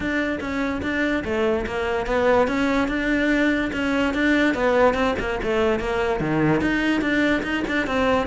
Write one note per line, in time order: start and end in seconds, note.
0.00 0.39 D4
0.40 0.81 C#4
0.82 1.23 D4
1.24 1.65 A3
1.66 2.06 A#3
2.06 2.47 B3
2.47 2.88 C#4
2.88 3.70 D4
3.72 4.14 C#4
4.14 4.54 D4
4.54 4.94 B3
4.94 5.14 C4
5.19 5.39 A#3
5.43 5.79 A3
5.79 6.20 A#3
6.20 6.61 D#3
6.61 7.01 D#4
7.01 7.42 D4
7.42 7.63 D#4
7.67 7.86 D4
7.86 8.26 C4